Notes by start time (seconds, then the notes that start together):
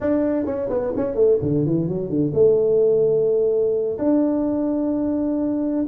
0.00 D4
0.45 C#4
0.69 B3
0.96 C#4
1.14 A3
1.42 D3
1.65 E3
1.87 F#3
2.09 D3
2.34 A3
3.98 D4